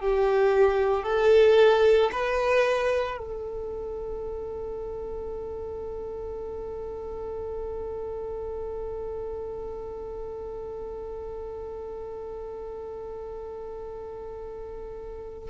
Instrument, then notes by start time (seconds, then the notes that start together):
violin
0.00 G4
1.03 A4
2.12 B4
3.18 A4